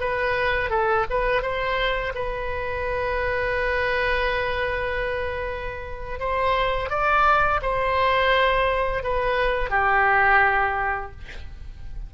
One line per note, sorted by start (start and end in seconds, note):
0.00 0.70 B4
0.70 1.05 A4
1.10 1.42 B4
1.42 2.13 C5
2.15 6.20 B4
6.20 6.90 C5
6.90 7.60 D5
7.62 9.03 C5
9.03 9.70 B4
9.70 11.11 G4